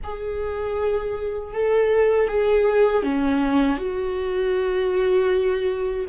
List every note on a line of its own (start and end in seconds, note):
0.03 1.53 G#4
1.53 2.28 A4
2.28 3.02 G#4
3.02 3.77 C#4
3.77 6.05 F#4